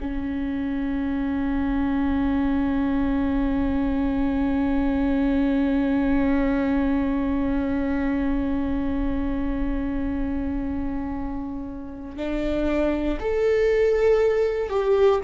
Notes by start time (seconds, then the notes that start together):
0.00 C#4
12.16 D4
13.20 A4
14.69 G4